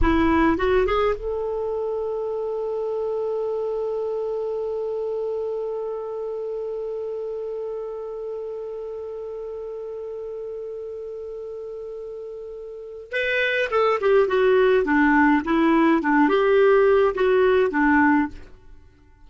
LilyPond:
\new Staff \with { instrumentName = "clarinet" } { \time 4/4 \tempo 4 = 105 e'4 fis'8 gis'8 a'2~ | a'1~ | a'1~ | a'1~ |
a'1~ | a'2. b'4 | a'8 g'8 fis'4 d'4 e'4 | d'8 g'4. fis'4 d'4 | }